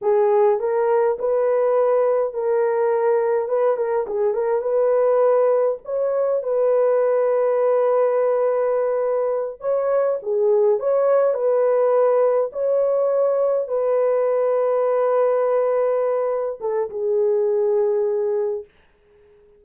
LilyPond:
\new Staff \with { instrumentName = "horn" } { \time 4/4 \tempo 4 = 103 gis'4 ais'4 b'2 | ais'2 b'8 ais'8 gis'8 ais'8 | b'2 cis''4 b'4~ | b'1~ |
b'8 cis''4 gis'4 cis''4 b'8~ | b'4. cis''2 b'8~ | b'1~ | b'8 a'8 gis'2. | }